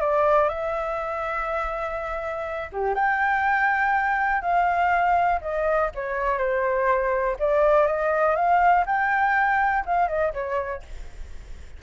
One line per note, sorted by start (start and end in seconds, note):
0.00 0.49 D5
0.49 2.70 E5
2.72 2.94 G4
2.94 4.41 G5
4.41 5.39 F5
5.41 5.90 D#5
5.94 6.38 C#5
6.38 7.36 C5
7.39 7.86 D5
7.86 8.35 D#5
8.35 8.84 F5
8.85 9.84 G5
9.85 10.08 F5
10.08 10.32 D#5
10.33 10.82 C#5